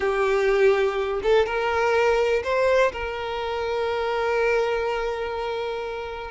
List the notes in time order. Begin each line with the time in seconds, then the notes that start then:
0.00 G4
1.23 A4
1.45 A#4
2.43 C5
2.92 A#4